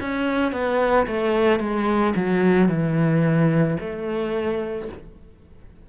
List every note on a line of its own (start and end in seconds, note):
0.00 0.52 C#4
0.52 1.06 B3
1.06 1.59 A3
1.59 2.14 G#3
2.15 2.68 F#3
2.68 3.77 E3
3.79 4.88 A3